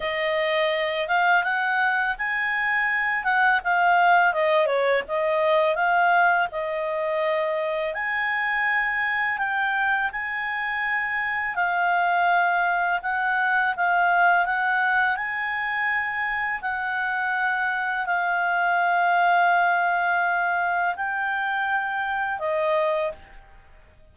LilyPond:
\new Staff \with { instrumentName = "clarinet" } { \time 4/4 \tempo 4 = 83 dis''4. f''8 fis''4 gis''4~ | gis''8 fis''8 f''4 dis''8 cis''8 dis''4 | f''4 dis''2 gis''4~ | gis''4 g''4 gis''2 |
f''2 fis''4 f''4 | fis''4 gis''2 fis''4~ | fis''4 f''2.~ | f''4 g''2 dis''4 | }